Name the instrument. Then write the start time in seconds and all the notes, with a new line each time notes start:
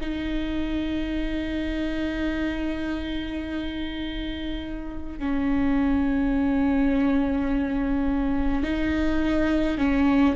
viola
0.00 D#4
5.19 C#4
8.63 D#4
9.78 C#4